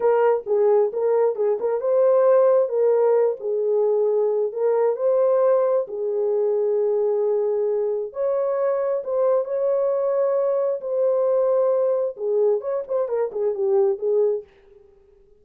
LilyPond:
\new Staff \with { instrumentName = "horn" } { \time 4/4 \tempo 4 = 133 ais'4 gis'4 ais'4 gis'8 ais'8 | c''2 ais'4. gis'8~ | gis'2 ais'4 c''4~ | c''4 gis'2.~ |
gis'2 cis''2 | c''4 cis''2. | c''2. gis'4 | cis''8 c''8 ais'8 gis'8 g'4 gis'4 | }